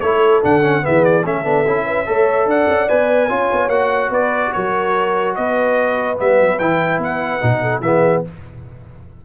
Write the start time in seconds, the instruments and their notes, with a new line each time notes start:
0.00 tuba A3, trombone E4, horn A4, trumpet C#5
0.42 tuba D3, trombone D4, trumpet F#5
0.61 trombone C#4
0.82 tuba E3, trombone B3, horn G#4, trumpet E5
1.04 trumpet D5
1.25 tuba A3, trombone C#4, horn A4, trumpet E5
1.44 tuba B3, trombone D4
1.66 tuba C#4, trombone E4
1.85 horn B4
2.06 tuba A3, trombone A4, horn C#5
2.45 tuba D4, horn D5, trumpet F#5
2.68 tuba C#4
2.88 tuba B3, trombone B4, trumpet G#5
3.29 tuba C#4, trombone F4, horn C#5
3.52 tuba B3
3.68 tuba A#3, trombone F#4, trumpet F#5
4.09 tuba B3, horn B4, trumpet D5
4.52 tuba F#3, horn A#4, trumpet C#5
5.35 tuba B3, horn B4, trumpet D#5
6.16 tuba G3, trombone B3, trumpet E5
6.40 tuba F#3
6.59 tuba E3, trombone E4, trumpet G5
6.98 tuba B3, trumpet F#5
7.41 tuba B2, trombone D#4
7.61 horn A4
7.80 tuba E3, trombone B3, horn G#4, trumpet E5